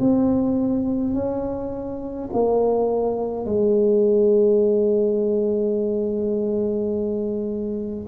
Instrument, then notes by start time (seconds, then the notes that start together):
tuba
0.00 C4
1.14 C#4
2.33 A#3
3.46 G#3